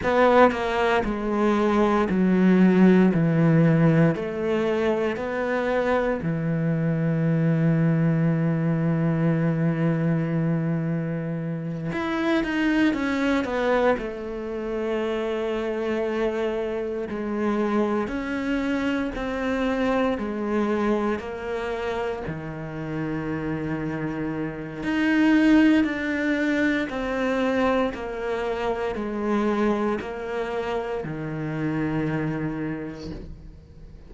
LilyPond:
\new Staff \with { instrumentName = "cello" } { \time 4/4 \tempo 4 = 58 b8 ais8 gis4 fis4 e4 | a4 b4 e2~ | e2.~ e8 e'8 | dis'8 cis'8 b8 a2~ a8~ |
a8 gis4 cis'4 c'4 gis8~ | gis8 ais4 dis2~ dis8 | dis'4 d'4 c'4 ais4 | gis4 ais4 dis2 | }